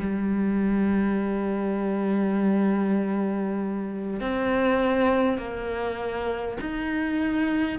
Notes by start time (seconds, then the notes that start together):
0.00 G3
4.21 C4
5.38 A#3
6.61 D#4